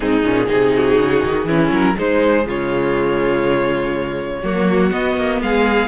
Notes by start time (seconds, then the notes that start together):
0.00 G#2 C4 D#4 G#4
0.24 A#2 C#4
0.46 C3 D#4 G#4
0.75 F#4
0.98 C#3
1.23 D#3
1.45 E3 C#4 E4
1.71 F#3 A#4
1.95 G#3 D#4 C5
2.45 C#3 F4 C#5
4.42 F#3 A#3 F#4
4.90 B3 D#5
5.17 A#3
5.41 G#3 G#4 F5